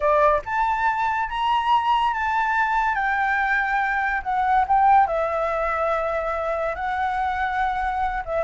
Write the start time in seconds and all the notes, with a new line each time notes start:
0.00 D5
0.45 A5
1.29 A#5
2.13 A5
2.95 G5
4.23 F#5
4.67 G5
5.06 E5
6.75 F#5
8.25 E5